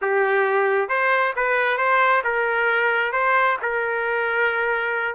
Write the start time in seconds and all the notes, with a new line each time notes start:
0.01 G4
0.89 C5
1.36 B4
1.77 C5
2.24 A#4
3.12 C5
3.61 A#4